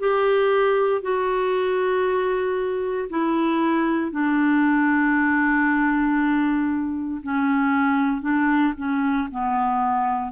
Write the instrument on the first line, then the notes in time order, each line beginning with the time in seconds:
clarinet
0.00 G4
1.02 F#4
3.10 E4
4.11 D4
7.23 C#4
8.22 D4
8.77 C#4
9.32 B3